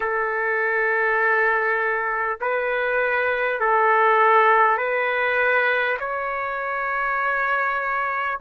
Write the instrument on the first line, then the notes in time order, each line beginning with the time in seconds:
trumpet
0.00 A4
2.40 B4
3.60 A4
4.77 B4
5.99 C#5